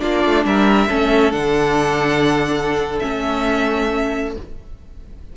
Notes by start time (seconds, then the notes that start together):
0.00 A#3 D4 F4 D5
0.25 A3
0.45 G3 A#4 E5
0.89 A3 C#4 A4
1.32 D3 D4 F#5
3.00 A3 C#4 E5